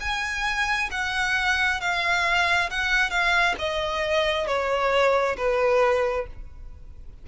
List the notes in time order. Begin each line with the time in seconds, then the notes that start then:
0.00 G#5
0.91 F#5
1.80 F5
2.70 F#5
3.10 F5
3.58 D#5
4.47 C#5
5.37 B4